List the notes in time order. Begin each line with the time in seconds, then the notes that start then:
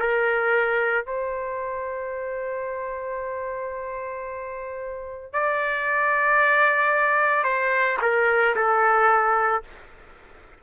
0.00 A#4
1.06 C5
5.33 D5
7.44 C5
8.02 A#4
8.56 A4